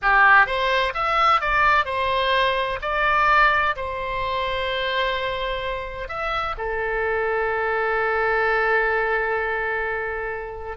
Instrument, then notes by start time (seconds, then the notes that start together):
oboe
0.01 G4
0.46 C5
0.94 E5
1.41 D5
1.85 C5
2.81 D5
3.76 C5
6.08 E5
6.57 A4